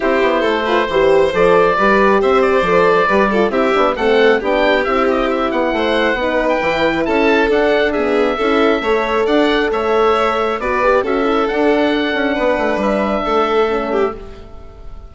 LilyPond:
<<
  \new Staff \with { instrumentName = "oboe" } { \time 4/4 \tempo 4 = 136 c''2. d''4~ | d''4 e''8 d''2~ d''8 | e''4 fis''4 g''4 e''8 dis''8 | e''8 fis''2~ fis''16 g''4~ g''16 |
a''4 fis''4 e''2~ | e''4 fis''4 e''2 | d''4 e''4 fis''2~ | fis''4 e''2. | }
  \new Staff \with { instrumentName = "violin" } { \time 4/4 g'4 a'8 b'8 c''2 | b'4 c''2 b'8 a'8 | g'4 a'4 g'2~ | g'4 c''4 b'2 |
a'2 gis'4 a'4 | cis''4 d''4 cis''2 | b'4 a'2. | b'2 a'4. g'8 | }
  \new Staff \with { instrumentName = "horn" } { \time 4/4 e'4. f'8 g'4 a'4 | g'2 a'4 g'8 f'8 | e'8 d'8 c'4 d'4 e'4~ | e'2 dis'4 e'4~ |
e'4 d'4 b4 e'4 | a'1 | fis'8 g'8 fis'8 e'8 d'2~ | d'2. cis'4 | }
  \new Staff \with { instrumentName = "bassoon" } { \time 4/4 c'8 b8 a4 e4 f4 | g4 c'4 f4 g4 | c'8 b8 a4 b4 c'4~ | c'8 b8 a4 b4 e4 |
cis'4 d'2 cis'4 | a4 d'4 a2 | b4 cis'4 d'4. cis'8 | b8 a8 g4 a2 | }
>>